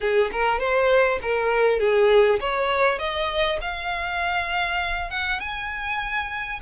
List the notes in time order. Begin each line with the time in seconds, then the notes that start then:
0.00 G#4
0.32 A#4
0.59 C5
1.22 A#4
1.79 G#4
2.40 C#5
2.98 D#5
3.61 F5
5.10 F#5
5.40 G#5